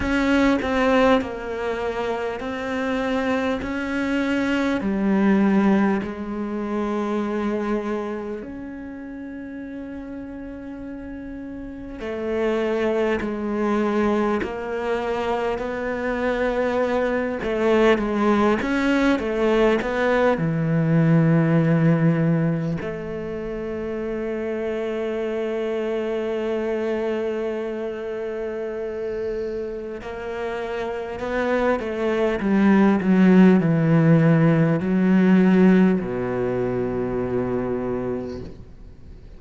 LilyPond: \new Staff \with { instrumentName = "cello" } { \time 4/4 \tempo 4 = 50 cis'8 c'8 ais4 c'4 cis'4 | g4 gis2 cis'4~ | cis'2 a4 gis4 | ais4 b4. a8 gis8 cis'8 |
a8 b8 e2 a4~ | a1~ | a4 ais4 b8 a8 g8 fis8 | e4 fis4 b,2 | }